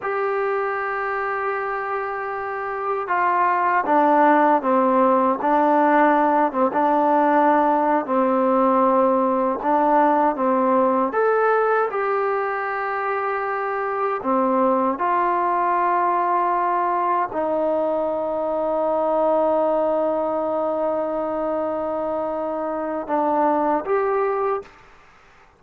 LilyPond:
\new Staff \with { instrumentName = "trombone" } { \time 4/4 \tempo 4 = 78 g'1 | f'4 d'4 c'4 d'4~ | d'8 c'16 d'4.~ d'16 c'4.~ | c'8 d'4 c'4 a'4 g'8~ |
g'2~ g'8 c'4 f'8~ | f'2~ f'8 dis'4.~ | dis'1~ | dis'2 d'4 g'4 | }